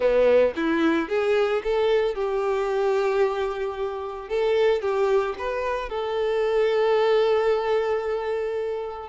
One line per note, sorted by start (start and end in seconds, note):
0.00 0.53 B3
0.56 1.08 E4
1.08 1.62 G#4
1.63 2.14 A4
2.14 4.28 G4
4.28 4.81 A4
4.81 5.35 G4
5.38 5.89 B4
5.89 9.09 A4